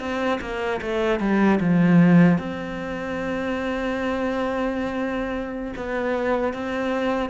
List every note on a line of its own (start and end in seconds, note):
0.00 0.39 C4
0.41 0.81 A#3
0.81 1.20 A3
1.20 1.59 G3
1.60 2.38 F3
2.38 5.74 C4
5.76 6.53 B3
6.53 7.30 C4